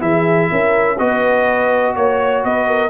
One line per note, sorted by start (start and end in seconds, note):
0.00 0.50 E3
0.00 0.97 E4
0.00 0.50 G#4
0.00 0.98 E5
0.50 1.00 C#4
0.50 0.99 A#4
0.98 1.96 B3
0.98 2.90 F#4
0.98 1.96 B4
0.98 1.95 D#5
1.96 2.45 A#3
1.96 2.44 C#5
1.96 2.45 C#5
2.45 2.90 B3
2.45 2.68 B4
2.45 2.90 D#5
2.68 2.90 A#4